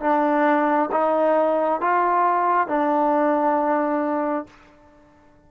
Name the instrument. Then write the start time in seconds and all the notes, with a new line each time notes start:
trombone
0.00 D4
0.92 D#4
1.81 F4
2.67 D4